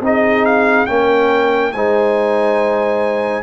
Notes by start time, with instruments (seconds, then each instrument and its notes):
0.00 tuba C4, trombone D#4, horn G#4, trumpet D#5
0.45 trumpet F5
0.86 tuba A#3, trombone C#4, horn A#4, trumpet G5
1.72 tuba G#3, trombone D#4, horn C5, trumpet G#5